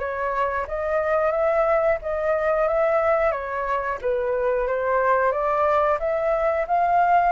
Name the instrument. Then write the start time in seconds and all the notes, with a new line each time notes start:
flute
0.00 C#5
0.68 D#5
1.32 E5
2.02 D#5
2.68 E5
3.32 C#5
4.02 B4
4.68 C5
5.32 D5
6.00 E5
6.68 F5